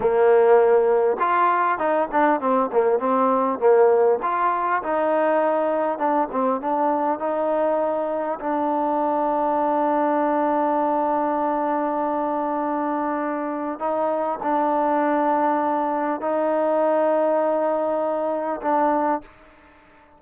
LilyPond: \new Staff \with { instrumentName = "trombone" } { \time 4/4 \tempo 4 = 100 ais2 f'4 dis'8 d'8 | c'8 ais8 c'4 ais4 f'4 | dis'2 d'8 c'8 d'4 | dis'2 d'2~ |
d'1~ | d'2. dis'4 | d'2. dis'4~ | dis'2. d'4 | }